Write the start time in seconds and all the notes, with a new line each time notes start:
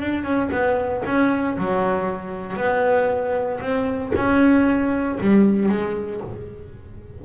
0.00 D4
0.24 C#4
0.51 B3
1.05 C#4
1.58 F#3
2.57 B3
3.60 C4
4.15 C#4
5.20 G3
5.69 G#3